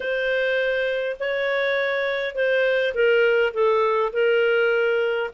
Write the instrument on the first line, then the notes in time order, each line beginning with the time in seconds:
clarinet
0.00 C5
1.19 C#5
2.35 C5
2.94 A#4
3.53 A4
4.12 A#4